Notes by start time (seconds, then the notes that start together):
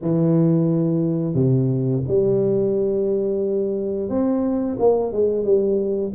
0.01 E3
1.34 C3
2.07 G3
4.09 C4
4.79 A#3
5.12 G#3
5.44 G3